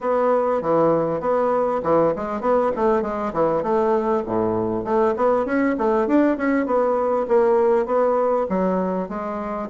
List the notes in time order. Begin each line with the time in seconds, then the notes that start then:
0.01 B3
0.61 E3
1.20 B3
1.83 E3
2.15 G#3
2.40 B3
2.75 A3
3.02 G#3
3.33 E3
3.62 A3
4.26 A2
4.84 A3
5.16 B3
5.45 C#4
5.77 A3
6.07 D4
6.37 C#4
6.66 B3
7.28 A#3
7.86 B3
8.48 F#3
9.08 G#3